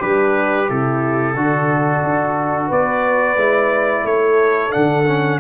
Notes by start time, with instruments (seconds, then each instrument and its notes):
0.00 tuba G3, horn D4, trombone G4, trumpet B4
0.69 tuba C3, horn E4, trumpet A4
1.34 tuba D3, horn D4, trombone F#4
2.03 tuba D4
2.67 tuba B3, horn B4, trumpet D5
3.36 tuba G#3, trombone E4
4.04 tuba A3, horn A4, trumpet C#5
4.71 tuba D3, trombone D4, trumpet F#5
5.07 trombone C#4